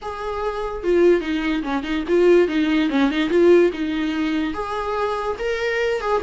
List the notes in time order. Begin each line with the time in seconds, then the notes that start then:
0.02 G#4
0.83 F4
1.21 D#4
1.63 C#4
1.83 D#4
2.08 F4
2.48 D#4
2.89 C#4
3.10 D#4
3.29 F4
3.72 D#4
4.53 G#4
5.38 A#4
6.00 G#4